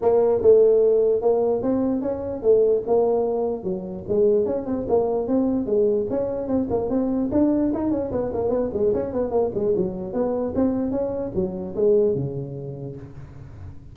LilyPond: \new Staff \with { instrumentName = "tuba" } { \time 4/4 \tempo 4 = 148 ais4 a2 ais4 | c'4 cis'4 a4 ais4~ | ais4 fis4 gis4 cis'8 c'8 | ais4 c'4 gis4 cis'4 |
c'8 ais8 c'4 d'4 dis'8 cis'8 | b8 ais8 b8 gis8 cis'8 b8 ais8 gis8 | fis4 b4 c'4 cis'4 | fis4 gis4 cis2 | }